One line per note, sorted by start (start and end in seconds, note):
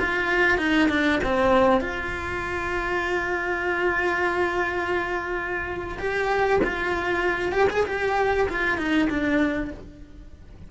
0.00 0.58 F4
0.58 0.89 D#4
0.89 1.20 D4
1.24 1.81 C4
1.81 5.99 F4
5.99 6.61 G4
6.64 7.53 F4
7.53 7.68 G4
7.71 7.86 G#4
7.86 8.48 G4
8.49 8.78 F4
8.78 9.09 D#4
9.10 9.72 D4